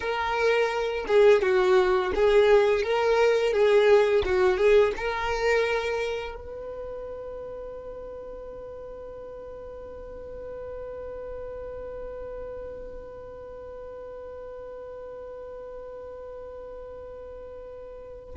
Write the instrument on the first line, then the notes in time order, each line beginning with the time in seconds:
violin
0.00 A#4
1.07 G#4
1.41 F#4
2.14 G#4
2.83 A#4
3.52 G#4
4.24 F#4
4.57 G#4
4.96 A#4
6.35 B4